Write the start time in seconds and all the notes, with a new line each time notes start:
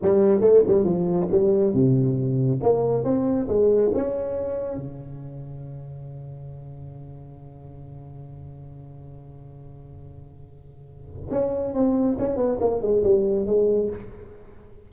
0.02 G3
0.41 A3
0.67 G3
0.84 F3
1.31 G3
1.73 C3
2.63 A#3
3.03 C4
3.48 G#3
3.94 C#4
4.77 C#3
11.30 C#4
11.73 C4
12.18 C#4
12.36 B3
12.59 A#3
12.81 G#3
13.03 G3
13.46 G#3